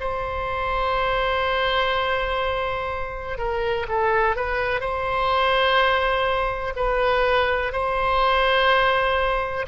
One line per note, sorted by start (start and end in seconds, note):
0.00 3.38 C5
3.38 3.87 A#4
3.88 4.36 A4
4.36 4.80 B4
4.80 6.74 C5
6.76 7.72 B4
7.72 9.66 C5